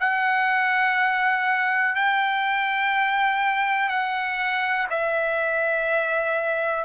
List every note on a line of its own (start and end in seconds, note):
0.00 1.95 F#5
1.95 3.89 G5
3.89 4.87 F#5
4.90 6.85 E5